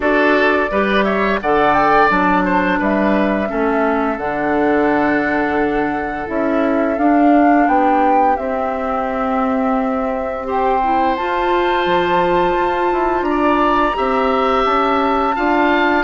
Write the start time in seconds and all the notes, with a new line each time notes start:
0.00 D4 F#4 A4 D5
0.71 G3 G4 B4
1.03 C#5 E5
1.41 D3 A4 D5 F#5
1.73 G5
2.08 F#3 D4 A5
2.44 C5
2.78 G3 B4 E5
3.47 A3 C#4 A4
4.17 D3 D4 F#5
6.26 C#4 E4 E5
6.98 D4 F5
7.67 B3 G4 G5
8.36 C4 E5
10.44 G4 C5 G5
10.83 E4
11.16 F4 A5
11.86 F3
12.56 F4
12.91 E4
13.21 D4 A#5
13.30 D5
13.94 C4 G4 E5
14.64 C#4 A5
15.35 D4 F4 F5